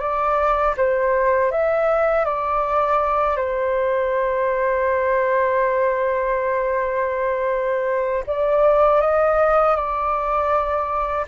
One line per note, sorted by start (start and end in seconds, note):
0.00 0.75 D5
0.77 1.51 C5
1.51 2.25 E5
2.25 3.36 D5
3.36 8.24 C5
8.27 9.01 D5
9.01 9.76 D#5
9.76 11.26 D5